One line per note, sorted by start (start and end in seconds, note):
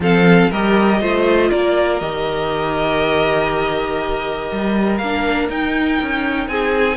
0.00 0.48 F3
0.00 0.52 C4
0.00 0.50 A4
0.00 0.51 F5
0.50 1.00 G3
0.50 1.01 G4
0.50 1.00 A#4
0.50 1.50 D#5
1.00 1.50 A3
1.00 2.00 F4
1.00 1.50 C5
1.50 2.00 A#3
1.50 6.50 A#4
1.50 1.99 D5
1.99 4.50 D#3
1.99 5.00 G4
1.99 4.97 D#5
4.51 4.99 G3
4.97 5.49 A#3
4.97 5.51 D4
4.97 5.47 F5
5.49 5.99 D#4
5.49 6.97 D#4
5.49 6.47 G5
6.01 6.47 C#4
6.47 6.97 C4
6.47 6.97 G#4
6.47 6.97 G#5